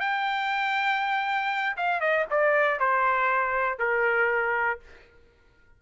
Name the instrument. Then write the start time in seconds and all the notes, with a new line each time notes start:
trumpet
0.00 G5
1.77 F5
2.01 D#5
2.31 D5
2.80 C5
3.79 A#4